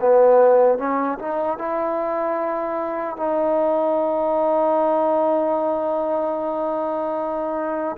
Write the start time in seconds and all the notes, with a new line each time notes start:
0.00 B3
0.78 C#4
1.19 D#4
1.59 E4
3.17 D#4